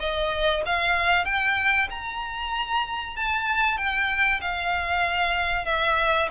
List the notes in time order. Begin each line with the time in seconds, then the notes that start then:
0.00 D#5
0.66 F5
1.25 G5
1.91 A#5
3.17 A5
3.78 G5
4.42 F5
5.66 E5